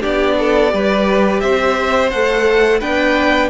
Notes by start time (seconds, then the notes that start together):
0.00 B3 D4 G4 D5
0.38 A4
0.69 G3 G4 B4
1.40 C4 C5 E5
2.10 A3 A4 F#5
2.79 B3 D4 B4 G5